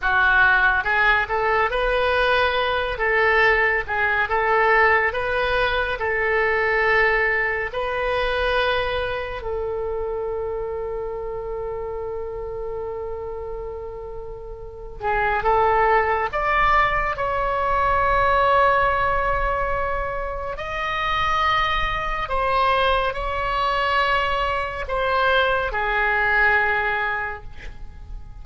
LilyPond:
\new Staff \with { instrumentName = "oboe" } { \time 4/4 \tempo 4 = 70 fis'4 gis'8 a'8 b'4. a'8~ | a'8 gis'8 a'4 b'4 a'4~ | a'4 b'2 a'4~ | a'1~ |
a'4. gis'8 a'4 d''4 | cis''1 | dis''2 c''4 cis''4~ | cis''4 c''4 gis'2 | }